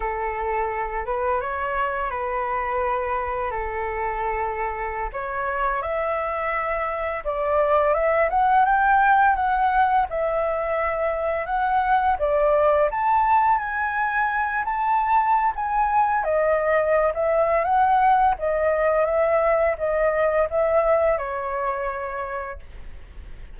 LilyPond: \new Staff \with { instrumentName = "flute" } { \time 4/4 \tempo 4 = 85 a'4. b'8 cis''4 b'4~ | b'4 a'2~ a'16 cis''8.~ | cis''16 e''2 d''4 e''8 fis''16~ | fis''16 g''4 fis''4 e''4.~ e''16~ |
e''16 fis''4 d''4 a''4 gis''8.~ | gis''8. a''4~ a''16 gis''4 dis''4~ | dis''16 e''8. fis''4 dis''4 e''4 | dis''4 e''4 cis''2 | }